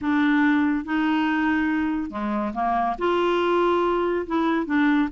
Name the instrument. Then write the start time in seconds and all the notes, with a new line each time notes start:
clarinet
0.01 D4
0.84 D#4
2.10 G#3
2.54 A#3
2.98 F4
4.26 E4
4.66 D4